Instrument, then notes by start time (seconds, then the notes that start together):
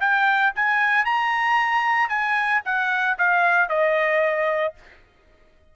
trumpet
0.00 G5
0.55 G#5
1.05 A#5
2.09 G#5
2.65 F#5
3.18 F5
3.69 D#5